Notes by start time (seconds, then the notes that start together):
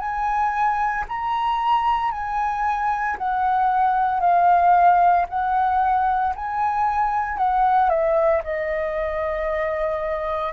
0.00 G#5
1.09 A#5
2.12 G#5
3.18 F#5
4.21 F5
5.29 F#5
6.36 G#5
7.38 F#5
7.89 E5
8.44 D#5